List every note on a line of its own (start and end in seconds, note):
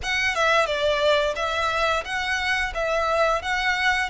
0.02 0.35 F#5
0.35 0.66 E5
0.66 1.34 D5
1.35 2.04 E5
2.04 2.72 F#5
2.74 3.42 E5
3.42 4.09 F#5